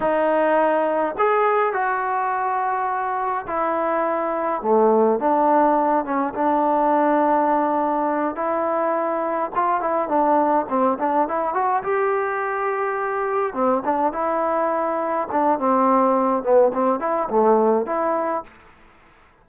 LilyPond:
\new Staff \with { instrumentName = "trombone" } { \time 4/4 \tempo 4 = 104 dis'2 gis'4 fis'4~ | fis'2 e'2 | a4 d'4. cis'8 d'4~ | d'2~ d'8 e'4.~ |
e'8 f'8 e'8 d'4 c'8 d'8 e'8 | fis'8 g'2. c'8 | d'8 e'2 d'8 c'4~ | c'8 b8 c'8 e'8 a4 e'4 | }